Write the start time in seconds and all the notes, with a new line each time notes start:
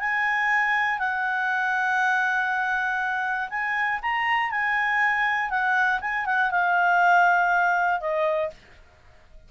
0.00 G#5
0.99 F#5
3.50 G#5
4.02 A#5
4.51 G#5
5.50 F#5
6.01 G#5
6.26 F#5
6.51 F5
8.01 D#5